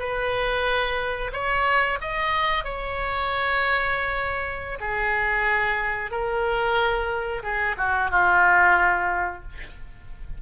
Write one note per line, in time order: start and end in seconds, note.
0.00 1.32 B4
1.33 1.99 C#5
2.01 2.65 D#5
2.65 4.79 C#5
4.80 6.11 G#4
6.11 7.43 A#4
7.43 7.76 G#4
7.78 8.11 F#4
8.11 9.43 F4